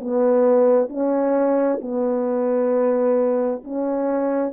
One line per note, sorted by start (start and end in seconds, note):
0.00 0.89 B3
0.89 1.80 C#4
1.81 3.63 B3
3.64 4.52 C#4